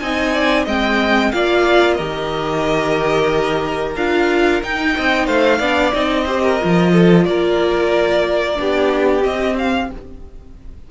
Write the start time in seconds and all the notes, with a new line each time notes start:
0.00 C4 D#4 D#5 G#5
0.34 D5
0.65 G#3 C4 D#5 G5
1.32 A#3 F4 D5 F5
1.95 D#3 G4 A#4 D#5
3.96 D4 F4 F5
4.63 D#4 G5
4.95 C4 D#5
5.26 A3 C5 F5
5.59 B3 D4 D5
5.93 C4 D#4 D#5
6.26 G4 C5
6.43 A#4
6.61 F3 F4
6.93 A4
7.26 A#3 A#4 D5
8.56 B3 D4 G4
9.21 C4 D#5
9.59 F5